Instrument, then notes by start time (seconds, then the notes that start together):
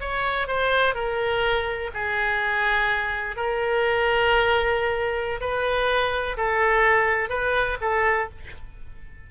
oboe
0.00 C#5
0.47 C5
0.94 A#4
1.94 G#4
3.36 A#4
5.41 B4
6.37 A4
7.29 B4
7.81 A4